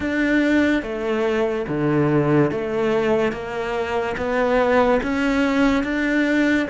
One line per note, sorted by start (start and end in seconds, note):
0.00 0.82 D4
0.82 1.65 A3
1.67 2.51 D3
2.51 3.32 A3
3.32 4.15 A#3
4.17 5.00 B3
5.02 5.83 C#4
5.83 6.67 D4